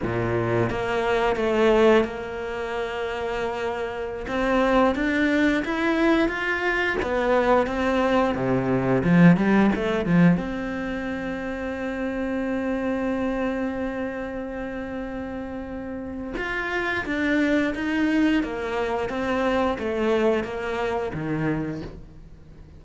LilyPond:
\new Staff \with { instrumentName = "cello" } { \time 4/4 \tempo 4 = 88 ais,4 ais4 a4 ais4~ | ais2~ ais16 c'4 d'8.~ | d'16 e'4 f'4 b4 c'8.~ | c'16 c4 f8 g8 a8 f8 c'8.~ |
c'1~ | c'1 | f'4 d'4 dis'4 ais4 | c'4 a4 ais4 dis4 | }